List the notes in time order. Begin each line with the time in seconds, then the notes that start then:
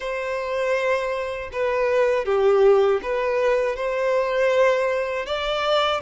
0.00 C5
1.52 B4
2.25 G4
3.02 B4
3.75 C5
5.25 D5